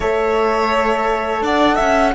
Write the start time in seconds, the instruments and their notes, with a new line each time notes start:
0.00 cello A3, horn A4, violin C#5, flute E5
1.41 cello D4, violin D5, flute F#5
1.75 cello C#4, violin E5